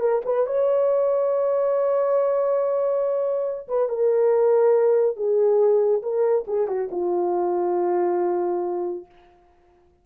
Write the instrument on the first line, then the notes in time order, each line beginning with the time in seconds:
horn
0.00 A#4
0.25 B4
0.46 C#5
3.68 B4
3.89 A#4
5.16 G#4
6.02 A#4
6.47 G#4
6.68 F#4
6.91 F4